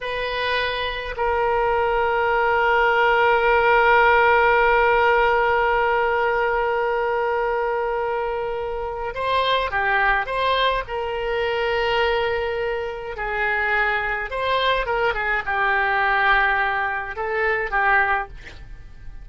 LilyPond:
\new Staff \with { instrumentName = "oboe" } { \time 4/4 \tempo 4 = 105 b'2 ais'2~ | ais'1~ | ais'1~ | ais'1 |
c''4 g'4 c''4 ais'4~ | ais'2. gis'4~ | gis'4 c''4 ais'8 gis'8 g'4~ | g'2 a'4 g'4 | }